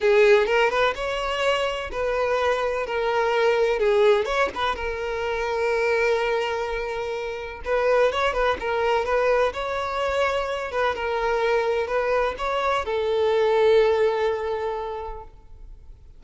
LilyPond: \new Staff \with { instrumentName = "violin" } { \time 4/4 \tempo 4 = 126 gis'4 ais'8 b'8 cis''2 | b'2 ais'2 | gis'4 cis''8 b'8 ais'2~ | ais'1 |
b'4 cis''8 b'8 ais'4 b'4 | cis''2~ cis''8 b'8 ais'4~ | ais'4 b'4 cis''4 a'4~ | a'1 | }